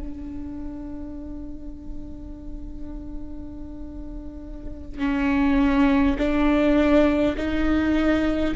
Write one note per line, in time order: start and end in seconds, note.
0.00 4.99 D4
4.99 6.17 C#4
6.19 7.36 D4
7.37 8.55 D#4